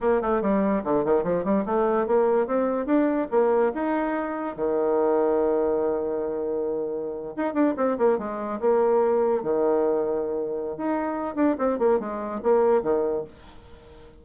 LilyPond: \new Staff \with { instrumentName = "bassoon" } { \time 4/4 \tempo 4 = 145 ais8 a8 g4 d8 dis8 f8 g8 | a4 ais4 c'4 d'4 | ais4 dis'2 dis4~ | dis1~ |
dis4.~ dis16 dis'8 d'8 c'8 ais8 gis16~ | gis8. ais2 dis4~ dis16~ | dis2 dis'4. d'8 | c'8 ais8 gis4 ais4 dis4 | }